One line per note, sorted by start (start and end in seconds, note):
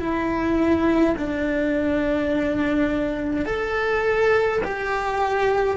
0.00 1.15 E4
1.17 3.46 D4
3.46 4.61 A4
4.64 5.77 G4